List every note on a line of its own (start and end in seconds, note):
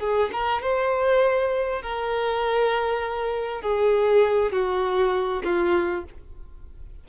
0.00 0.30 G#4
0.33 0.62 A#4
0.62 1.82 C5
1.82 3.62 A#4
3.62 4.52 G#4
4.52 5.43 F#4
5.44 6.04 F4